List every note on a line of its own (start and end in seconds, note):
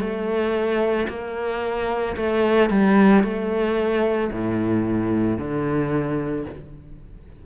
0.00 1.07 A3
1.09 2.16 A#3
2.16 2.69 A3
2.69 3.23 G3
3.23 4.31 A3
4.32 5.38 A2
5.38 6.45 D3